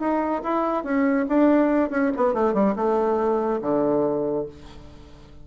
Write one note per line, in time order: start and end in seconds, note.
0.00 0.42 D#4
0.43 0.84 E4
0.84 1.26 C#4
1.29 1.91 D4
1.91 2.12 C#4
2.17 2.34 B3
2.34 2.54 A3
2.54 2.75 G3
2.76 3.61 A3
3.61 4.46 D3